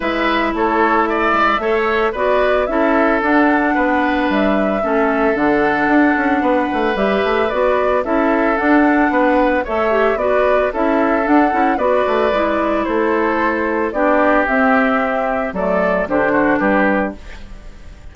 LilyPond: <<
  \new Staff \with { instrumentName = "flute" } { \time 4/4 \tempo 4 = 112 e''4 cis''4 e''2 | d''4 e''4 fis''2 | e''2 fis''2~ | fis''4 e''4 d''4 e''4 |
fis''2 e''4 d''4 | e''4 fis''4 d''2 | c''2 d''4 e''4~ | e''4 d''4 c''4 b'4 | }
  \new Staff \with { instrumentName = "oboe" } { \time 4/4 b'4 a'4 d''4 cis''4 | b'4 a'2 b'4~ | b'4 a'2. | b'2. a'4~ |
a'4 b'4 cis''4 b'4 | a'2 b'2 | a'2 g'2~ | g'4 a'4 g'8 fis'8 g'4 | }
  \new Staff \with { instrumentName = "clarinet" } { \time 4/4 e'2. a'4 | fis'4 e'4 d'2~ | d'4 cis'4 d'2~ | d'4 g'4 fis'4 e'4 |
d'2 a'8 g'8 fis'4 | e'4 d'8 e'8 fis'4 e'4~ | e'2 d'4 c'4~ | c'4 a4 d'2 | }
  \new Staff \with { instrumentName = "bassoon" } { \time 4/4 gis4 a4. gis8 a4 | b4 cis'4 d'4 b4 | g4 a4 d4 d'8 cis'8 | b8 a8 g8 a8 b4 cis'4 |
d'4 b4 a4 b4 | cis'4 d'8 cis'8 b8 a8 gis4 | a2 b4 c'4~ | c'4 fis4 d4 g4 | }
>>